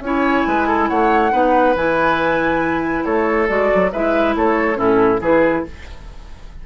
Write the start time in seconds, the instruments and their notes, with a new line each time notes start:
0.00 bassoon C#4, clarinet E4, oboe C#5, flute G#5
0.46 bassoon G#3, oboe B4
0.67 oboe A4
0.88 bassoon A3, oboe C#5, flute F#5
1.31 bassoon B3, clarinet D#4, oboe B4
1.75 bassoon E3, clarinet E4, flute G#5
3.04 bassoon A3, oboe A4, flute C#5
3.47 bassoon G#3, clarinet F#4, flute D5
3.74 bassoon F#3
3.92 bassoon G#3, clarinet E4, oboe B4, flute E5
4.35 bassoon A3, oboe A4, flute C#5
4.74 bassoon A2, clarinet C#4, oboe E4, flute A4
5.20 bassoon E3, clarinet E4, oboe G#4, flute B4